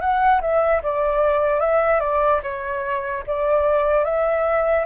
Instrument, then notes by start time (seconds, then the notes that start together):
flute
0.00 F#5
0.41 E5
0.83 D5
1.60 E5
2.00 D5
2.43 C#5
3.26 D5
4.04 E5